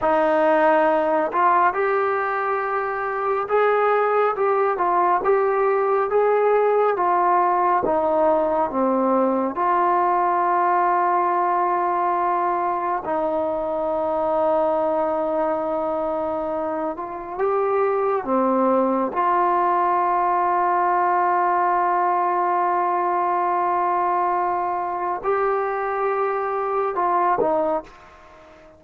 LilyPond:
\new Staff \with { instrumentName = "trombone" } { \time 4/4 \tempo 4 = 69 dis'4. f'8 g'2 | gis'4 g'8 f'8 g'4 gis'4 | f'4 dis'4 c'4 f'4~ | f'2. dis'4~ |
dis'2.~ dis'8 f'8 | g'4 c'4 f'2~ | f'1~ | f'4 g'2 f'8 dis'8 | }